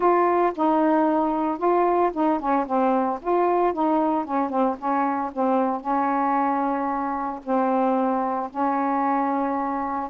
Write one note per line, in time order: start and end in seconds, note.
0.00 0.53 F4
0.55 1.58 D#4
1.58 2.11 F4
2.13 2.39 D#4
2.39 2.66 C#4
2.66 3.19 C4
3.21 3.73 F4
3.73 4.24 D#4
4.24 4.49 C#4
4.49 4.76 C4
4.78 5.31 C#4
5.32 5.80 C4
5.80 7.40 C#4
7.43 8.50 C4
8.50 10.09 C#4